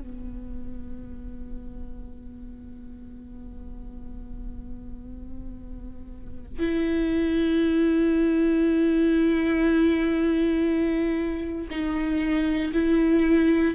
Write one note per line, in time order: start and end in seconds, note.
0.00 6.60 B3
6.60 11.68 E4
11.71 12.73 D#4
12.73 13.75 E4